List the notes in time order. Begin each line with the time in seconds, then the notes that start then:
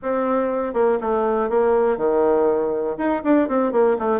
0.02 C4
0.73 A#3
1.00 A3
1.49 A#3
1.97 D#3
2.97 D#4
3.24 D4
3.48 C4
3.72 A#3
3.98 A3